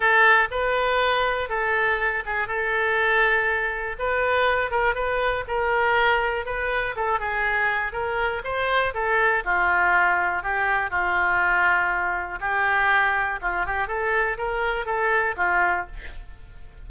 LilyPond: \new Staff \with { instrumentName = "oboe" } { \time 4/4 \tempo 4 = 121 a'4 b'2 a'4~ | a'8 gis'8 a'2. | b'4. ais'8 b'4 ais'4~ | ais'4 b'4 a'8 gis'4. |
ais'4 c''4 a'4 f'4~ | f'4 g'4 f'2~ | f'4 g'2 f'8 g'8 | a'4 ais'4 a'4 f'4 | }